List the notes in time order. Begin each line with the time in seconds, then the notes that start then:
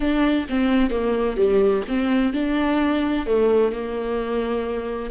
0.00 D4
0.49 C4
0.90 A#3
1.36 G3
1.87 C4
2.33 D4
3.26 A3
3.71 A#3